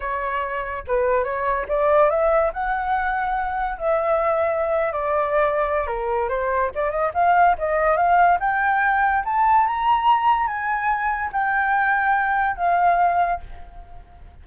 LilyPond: \new Staff \with { instrumentName = "flute" } { \time 4/4 \tempo 4 = 143 cis''2 b'4 cis''4 | d''4 e''4 fis''2~ | fis''4 e''2~ e''8. d''16~ | d''2 ais'4 c''4 |
d''8 dis''8 f''4 dis''4 f''4 | g''2 a''4 ais''4~ | ais''4 gis''2 g''4~ | g''2 f''2 | }